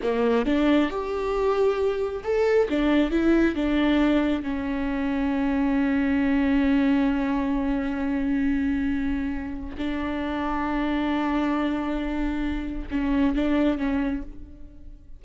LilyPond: \new Staff \with { instrumentName = "viola" } { \time 4/4 \tempo 4 = 135 ais4 d'4 g'2~ | g'4 a'4 d'4 e'4 | d'2 cis'2~ | cis'1~ |
cis'1~ | cis'2 d'2~ | d'1~ | d'4 cis'4 d'4 cis'4 | }